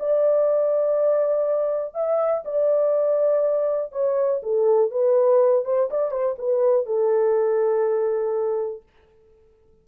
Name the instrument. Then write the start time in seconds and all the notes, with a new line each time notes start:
horn
0.00 D5
1.95 E5
2.45 D5
3.93 C#5
4.43 A4
4.91 B4
5.65 C5
5.91 D5
6.11 C5
6.39 B4
6.87 A4